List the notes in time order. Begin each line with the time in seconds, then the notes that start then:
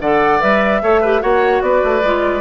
0.00 D3 A4 D5 F#5
0.41 G3 B4 E5
0.82 A3 A4 C#5
1.01 G4 B4
1.21 A#3 F#4 C#5 F#5
1.62 B3 B4 D5
1.84 A3
2.03 G#3 F4